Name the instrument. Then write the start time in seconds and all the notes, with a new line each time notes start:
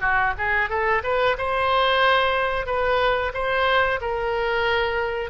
oboe
0.00 F#4
0.37 G#4
0.69 A4
1.03 B4
1.37 C5
2.66 B4
3.33 C5
4.00 A#4